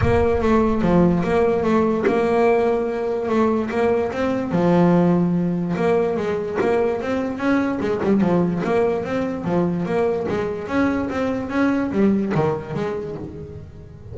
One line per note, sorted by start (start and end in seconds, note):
0.01 0.41 A#3
0.41 0.81 A3
0.81 1.22 F3
1.23 1.63 A#3
1.63 2.04 A3
2.06 3.28 A#3
3.28 3.69 A3
3.70 4.11 A#3
4.12 4.51 C4
4.51 5.74 F3
5.76 6.16 A#3
6.16 6.58 G#3
6.61 7.01 A#3
7.01 7.37 C4
7.37 7.79 C#4
7.80 8.00 G#3
8.03 8.20 G3
8.20 8.61 F3
8.63 9.04 A#3
9.04 9.44 C4
9.44 9.85 F3
9.85 10.26 A#3
10.28 10.67 G#3
10.67 11.08 C#4
11.10 11.49 C4
11.49 11.90 C#4
11.91 12.32 G3
12.35 12.74 D#3
12.74 13.15 G#3